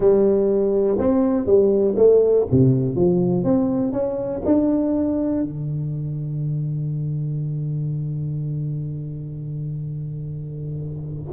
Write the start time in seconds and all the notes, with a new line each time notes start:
0.00 G3
0.98 C4
1.46 G3
1.96 A3
2.51 C3
2.95 F3
3.44 C4
3.92 C#4
4.45 D4
5.43 D3